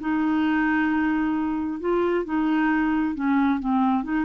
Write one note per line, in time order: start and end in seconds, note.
0.00 1.80 D#4
1.80 2.25 F4
2.25 3.15 D#4
3.15 3.60 C#4
3.60 4.04 C4
4.04 4.25 D#4